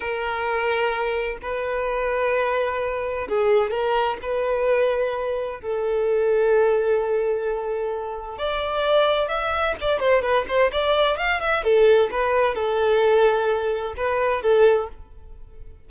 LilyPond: \new Staff \with { instrumentName = "violin" } { \time 4/4 \tempo 4 = 129 ais'2. b'4~ | b'2. gis'4 | ais'4 b'2. | a'1~ |
a'2 d''2 | e''4 d''8 c''8 b'8 c''8 d''4 | f''8 e''8 a'4 b'4 a'4~ | a'2 b'4 a'4 | }